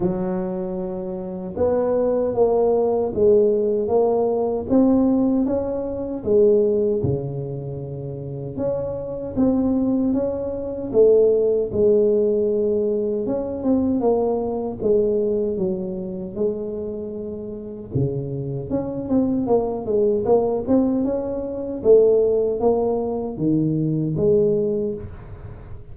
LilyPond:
\new Staff \with { instrumentName = "tuba" } { \time 4/4 \tempo 4 = 77 fis2 b4 ais4 | gis4 ais4 c'4 cis'4 | gis4 cis2 cis'4 | c'4 cis'4 a4 gis4~ |
gis4 cis'8 c'8 ais4 gis4 | fis4 gis2 cis4 | cis'8 c'8 ais8 gis8 ais8 c'8 cis'4 | a4 ais4 dis4 gis4 | }